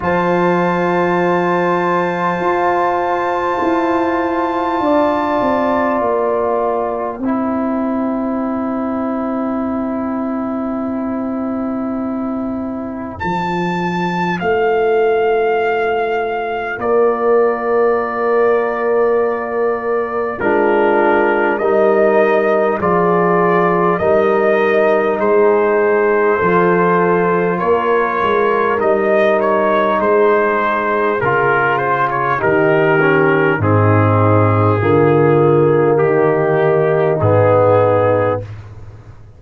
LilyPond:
<<
  \new Staff \with { instrumentName = "trumpet" } { \time 4/4 \tempo 4 = 50 a''1~ | a''4 g''2.~ | g''2. a''4 | f''2 d''2~ |
d''4 ais'4 dis''4 d''4 | dis''4 c''2 cis''4 | dis''8 cis''8 c''4 ais'8 c''16 cis''16 ais'4 | gis'2 g'4 gis'4 | }
  \new Staff \with { instrumentName = "horn" } { \time 4/4 c''1 | d''2 c''2~ | c''1~ | c''2 ais'2~ |
ais'4 f'4 ais'4 gis'4 | ais'4 gis'4 a'4 ais'4~ | ais'4 gis'2 g'4 | dis'4 f'4 dis'2 | }
  \new Staff \with { instrumentName = "trombone" } { \time 4/4 f'1~ | f'2 e'2~ | e'2. f'4~ | f'1~ |
f'4 d'4 dis'4 f'4 | dis'2 f'2 | dis'2 f'4 dis'8 cis'8 | c'4 ais2 b4 | }
  \new Staff \with { instrumentName = "tuba" } { \time 4/4 f2 f'4 e'4 | d'8 c'8 ais4 c'2~ | c'2. f4 | a2 ais2~ |
ais4 gis4 g4 f4 | g4 gis4 f4 ais8 gis8 | g4 gis4 cis4 dis4 | gis,4 d4 dis4 gis,4 | }
>>